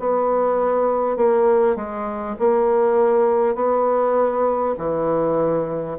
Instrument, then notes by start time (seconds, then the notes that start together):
bassoon
0.00 B3
1.17 A#3
1.76 G#3
2.39 A#3
3.56 B3
4.78 E3